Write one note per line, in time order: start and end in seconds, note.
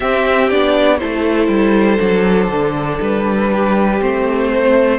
0.00 0.49 C4
0.00 0.51 C4
0.00 0.97 G4
0.00 0.49 E5
0.50 1.01 B3
0.50 0.99 D4
0.50 0.97 D5
0.97 1.48 A3
0.97 1.99 E4
0.97 3.50 A4
0.97 2.98 C5
1.48 1.98 G3
1.99 2.48 F#3
1.99 3.99 D4
2.48 2.98 D3
3.01 4.01 G3
3.01 4.01 B4
3.52 4.51 G4
4.00 4.99 A3
4.00 4.99 C4
4.00 4.99 C5
4.51 4.99 C5